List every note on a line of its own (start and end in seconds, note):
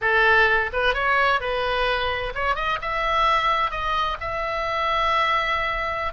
0.01 0.71 A4
0.72 0.94 B4
0.94 1.40 C#5
1.40 2.33 B4
2.34 2.55 C#5
2.55 2.78 D#5
2.81 3.70 E5
3.70 4.17 D#5
4.20 6.13 E5